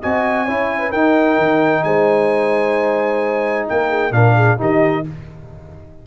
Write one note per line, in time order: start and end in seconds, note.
0.00 0.48 C4
0.00 0.48 F#4
0.00 0.46 D#5
0.00 0.92 G#5
0.46 0.93 C#4
0.46 0.93 E4
0.46 0.80 C#5
0.80 0.91 B4
0.91 1.38 D#4
0.91 4.12 D#4
0.91 1.82 A#4
0.91 1.83 G5
1.38 1.84 D#3
1.84 3.67 G#3
1.84 3.69 C5
1.84 3.67 G#5
3.69 4.11 A#3
3.69 3.89 A#4
3.69 4.13 G5
3.89 4.12 G#4
4.11 4.57 A#2
4.11 4.58 D4
4.11 4.35 A#4
4.11 4.58 F5
4.35 4.58 G#4
4.58 5.06 D#3
4.58 5.03 D#4
4.58 5.06 G4
4.58 5.07 D#5